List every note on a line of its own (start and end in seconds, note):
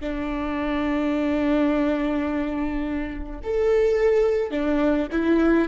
0.00 3.40 D4
3.43 4.51 A4
4.51 5.07 D4
5.11 5.68 E4